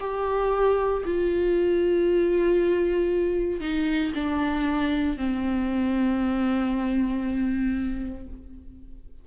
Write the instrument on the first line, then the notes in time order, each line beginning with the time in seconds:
viola
0.00 G4
1.06 F4
3.61 D#4
4.15 D4
5.17 C4